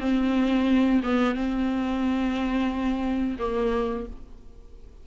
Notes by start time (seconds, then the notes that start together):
0.00 C4
1.03 B3
1.35 C4
3.39 A#3